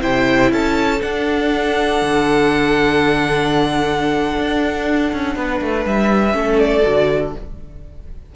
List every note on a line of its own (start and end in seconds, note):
0.00 0.51 C3
0.00 0.99 E4
0.00 0.51 C5
0.00 0.52 G5
0.51 1.01 C#4
0.51 5.36 A4
0.51 1.02 A5
1.02 6.32 D4
1.02 2.02 D4
1.02 5.85 F#5
2.02 4.38 D3
4.38 5.12 D4
5.13 5.36 C#4
5.36 5.61 B3
5.36 6.36 B4
5.61 5.86 A3
5.86 6.35 G3
5.86 6.59 E5
6.32 6.84 A3
6.32 6.82 C#4
6.32 7.36 A4
6.59 7.33 D5
6.83 7.36 D3
6.83 7.32 F#4